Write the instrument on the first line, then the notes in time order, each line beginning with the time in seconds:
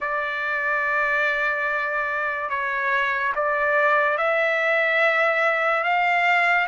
trumpet
0.00 D5
2.49 C#5
3.35 D5
4.17 E5
5.83 F5